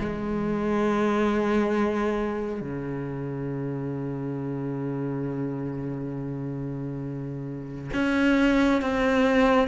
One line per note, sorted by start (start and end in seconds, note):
0.00 2.61 G#3
2.61 7.91 C#3
7.94 8.82 C#4
8.82 9.68 C4